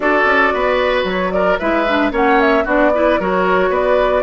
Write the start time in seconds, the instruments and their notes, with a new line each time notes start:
0.00 bassoon D4, clarinet F#4, oboe A4, flute D5
0.25 bassoon C#4
0.53 bassoon B3, oboe B4
1.04 bassoon F#3, flute C#5
1.31 oboe A#4, flute D5
1.58 bassoon G#3, clarinet E4, oboe B4, flute E5
1.88 clarinet D4
2.11 bassoon A#3, clarinet C#4, oboe C#5, flute F#5
2.40 flute E5
2.64 bassoon B3, clarinet D4, oboe F#4, flute D5
2.94 clarinet E4, oboe B4
3.19 bassoon F#3, clarinet F#4, oboe A#4, flute C#5
3.69 bassoon B3, oboe B4, flute D5